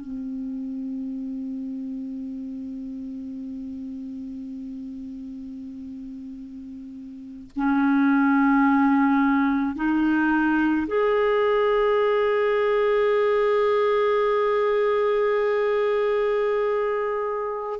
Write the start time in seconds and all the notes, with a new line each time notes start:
0.00 C4
7.56 C#4
9.75 D#4
10.87 G#4